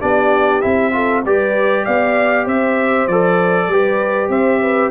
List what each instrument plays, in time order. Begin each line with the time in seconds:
0.00 tuba B3, trombone D4, horn G4, trumpet D5
0.61 tuba C4, trombone E4, trumpet E5
0.92 trombone F4, horn A4
1.25 tuba G3, trombone G4, horn B4, trumpet D5
1.84 tuba B3, horn D5, trumpet F5
2.45 tuba C4, horn C5, trumpet E5
3.07 tuba F3, trombone A4, trumpet D5
3.68 tuba G3, trombone G4, horn B4
4.29 tuba C4, horn C5, trumpet E5
4.61 horn B4